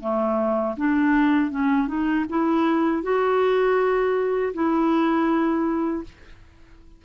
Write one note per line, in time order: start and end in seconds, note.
0.00 0.75 A3
0.77 1.50 D4
1.50 1.88 C#4
1.88 2.25 D#4
2.29 3.02 E4
3.02 4.52 F#4
4.53 6.03 E4